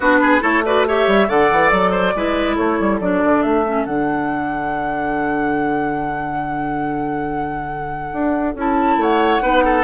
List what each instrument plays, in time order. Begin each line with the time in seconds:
0.00 bassoon B3, clarinet D4, oboe F#4, flute B4
0.22 oboe G#4
0.41 bassoon A3, clarinet E4, oboe A4, flute C#5
0.64 clarinet F#4, oboe B4, flute D5
0.87 clarinet G4, oboe C#5, flute E5
1.07 bassoon G3
1.27 bassoon D3, clarinet A4, oboe D5, flute F#5
1.51 bassoon E3
1.70 bassoon F#3, flute D5
1.91 oboe C5
2.14 bassoon G#3, clarinet E4, oboe B4
2.56 bassoon A3, oboe A4, flute C#5
2.79 bassoon G3
3.00 bassoon F#3, clarinet D4, flute D5
3.24 bassoon D3
3.42 bassoon A3, flute E5
3.66 clarinet C#4
3.85 bassoon D3, clarinet D4, flute F#5
8.12 bassoon D4
8.55 bassoon C#4, clarinet E4, flute A5
8.96 bassoon A3, oboe C#5, flute F#5
9.41 bassoon B3, clarinet D#4, oboe B4
9.64 oboe A4